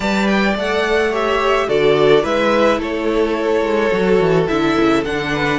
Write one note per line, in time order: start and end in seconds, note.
0.00 0.54 G3
0.00 0.55 B4
0.00 1.10 D5
0.00 0.27 A5
0.27 0.55 G5
0.55 1.67 A3
0.55 1.11 A4
0.55 1.14 F#5
1.10 1.68 G4
1.10 1.66 C#5
1.10 1.68 E5
1.67 2.24 D3
1.67 2.22 F#4
1.67 2.23 A4
1.67 2.24 D5
2.22 2.77 G#3
2.22 3.90 E4
2.22 2.79 B4
2.22 2.80 E5
2.77 3.61 A3
2.77 5.31 A4
2.77 4.47 C#5
3.61 3.89 G#3
3.91 4.19 F#3
3.91 4.47 F#4
4.19 4.47 E3
4.47 4.77 D3
4.47 5.03 E4
4.47 5.03 E5
4.79 5.05 C#3
5.05 5.59 D3
5.05 5.59 D4
5.05 5.59 F#5
5.32 5.59 B4